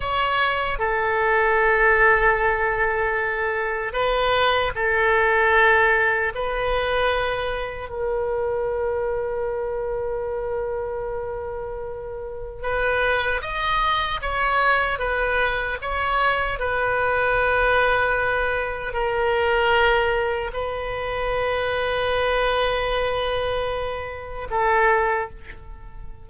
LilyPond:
\new Staff \with { instrumentName = "oboe" } { \time 4/4 \tempo 4 = 76 cis''4 a'2.~ | a'4 b'4 a'2 | b'2 ais'2~ | ais'1 |
b'4 dis''4 cis''4 b'4 | cis''4 b'2. | ais'2 b'2~ | b'2. a'4 | }